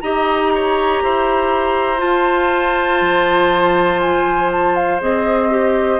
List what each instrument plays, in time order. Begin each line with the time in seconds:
0.00 bassoon D#4, clarinet G4, oboe D#5, flute A#5
0.54 oboe C#5
1.02 bassoon E4, oboe C5
1.97 clarinet F4, bassoon F4, flute A5
3.01 bassoon F3
4.00 flute G#5
4.51 flute A5
4.75 flute F5
5.00 bassoon C4, clarinet G#4, flute D#5
5.49 clarinet G4